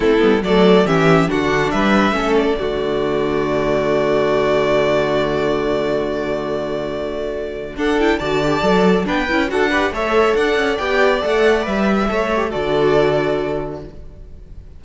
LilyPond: <<
  \new Staff \with { instrumentName = "violin" } { \time 4/4 \tempo 4 = 139 a'4 d''4 e''4 fis''4 | e''4. d''2~ d''8~ | d''1~ | d''1~ |
d''2 fis''8 g''8 a''4~ | a''4 g''4 fis''4 e''4 | fis''4 g''4 fis''4 e''4~ | e''4 d''2. | }
  \new Staff \with { instrumentName = "violin" } { \time 4/4 e'4 a'4 g'4 fis'4 | b'4 a'4 fis'2~ | fis'1~ | fis'1~ |
fis'2 a'4 d''4~ | d''4 b'4 a'8 b'8 cis''4 | d''1 | cis''4 a'2. | }
  \new Staff \with { instrumentName = "viola" } { \time 4/4 c'8 b8 a4 cis'4 d'4~ | d'4 cis'4 a2~ | a1~ | a1~ |
a2 d'8 e'8 fis'8 g'8 | a'4 d'8 e'8 fis'8 g'8 a'4~ | a'4 g'4 a'4 b'4 | a'8 g'8 fis'2. | }
  \new Staff \with { instrumentName = "cello" } { \time 4/4 a8 g8 fis4 e4 d4 | g4 a4 d2~ | d1~ | d1~ |
d2 d'4 d4 | fis4 b8 cis'8 d'4 a4 | d'8 cis'8 b4 a4 g4 | a4 d2. | }
>>